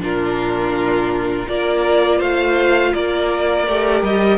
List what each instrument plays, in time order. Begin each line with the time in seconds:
0.00 cello A#2, viola D4, violin F4 A#4
1.46 cello A#3, viola F4, violin A#4 D5
2.18 cello A3, violin C5 F5
2.93 cello A#3, violin A#4 D5
3.67 cello A3, viola G4
4.02 cello G3, violin D#5